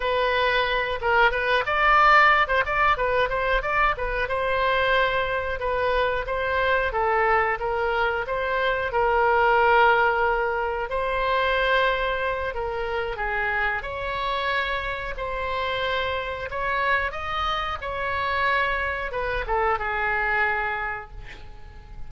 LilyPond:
\new Staff \with { instrumentName = "oboe" } { \time 4/4 \tempo 4 = 91 b'4. ais'8 b'8 d''4~ d''16 c''16 | d''8 b'8 c''8 d''8 b'8 c''4.~ | c''8 b'4 c''4 a'4 ais'8~ | ais'8 c''4 ais'2~ ais'8~ |
ais'8 c''2~ c''8 ais'4 | gis'4 cis''2 c''4~ | c''4 cis''4 dis''4 cis''4~ | cis''4 b'8 a'8 gis'2 | }